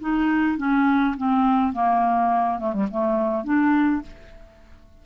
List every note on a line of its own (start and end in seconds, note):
0.00 0.57 D#4
0.57 1.15 C#4
1.17 1.73 C4
1.73 2.59 A#3
2.59 2.73 A3
2.73 2.87 G3
2.90 3.44 A3
3.44 4.02 D4